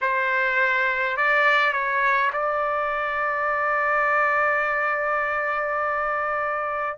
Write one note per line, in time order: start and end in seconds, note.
0.01 1.16 C5
1.16 1.72 D5
1.72 2.31 C#5
2.32 6.97 D5